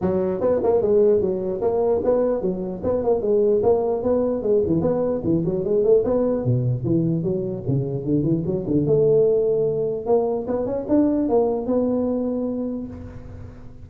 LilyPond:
\new Staff \with { instrumentName = "tuba" } { \time 4/4 \tempo 4 = 149 fis4 b8 ais8 gis4 fis4 | ais4 b4 fis4 b8 ais8 | gis4 ais4 b4 gis8 e8 | b4 e8 fis8 gis8 a8 b4 |
b,4 e4 fis4 cis4 | d8 e8 fis8 d8 a2~ | a4 ais4 b8 cis'8 d'4 | ais4 b2. | }